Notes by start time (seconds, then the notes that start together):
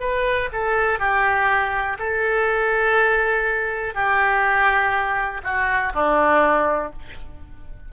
0.00 B4
0.52 A4
0.99 G4
1.99 A4
3.94 G4
5.43 F#4
5.94 D4